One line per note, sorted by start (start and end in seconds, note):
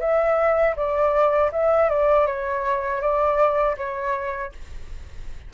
0.00 0.75 E5
0.76 1.51 D5
1.52 1.89 E5
1.89 2.27 D5
2.27 3.01 C#5
3.01 3.76 D5
3.77 4.52 C#5